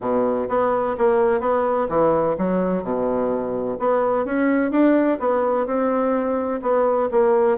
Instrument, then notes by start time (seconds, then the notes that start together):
bassoon
0.00 B2
0.49 B3
0.97 A#3
1.40 B3
1.88 E3
2.38 F#3
2.83 B2
3.79 B3
4.25 C#4
4.71 D4
5.19 B3
5.66 C4
6.61 B3
7.11 A#3